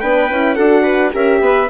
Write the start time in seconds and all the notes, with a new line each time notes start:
0.00 B3 D4 B4 G5
0.30 C#4 E4
0.55 D4 F#4 A4 F#5
0.82 B4
1.11 C#4 G4 A#4 E5
1.40 B3 B4